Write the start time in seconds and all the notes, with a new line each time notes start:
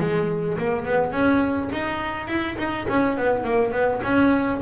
0.00 G#3
0.58 A#3
0.85 B3
1.12 C#4
1.72 D#4
2.28 E4
2.58 D#4
2.88 C#4
3.17 B3
3.44 A#3
3.72 B3
4.04 C#4